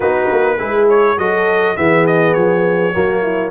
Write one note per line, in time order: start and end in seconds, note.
0.00 0.27 B3
0.00 0.58 D#4
0.00 0.56 F#4
0.00 0.88 B4
0.30 0.60 A#3
0.58 1.18 G#3
0.58 1.17 E4
0.58 1.17 G#4
0.89 1.18 C#5
1.18 1.77 F#3
1.18 1.77 F#4
1.18 1.76 A4
1.18 1.76 D#5
1.76 2.35 E3
1.76 2.93 B3
1.76 2.93 G#4
1.76 2.06 E5
2.06 2.33 D#5
2.33 2.94 F3
2.33 3.51 C#5
2.93 3.51 F#3
2.93 3.51 A#3
2.93 3.22 F#4
3.22 3.51 E4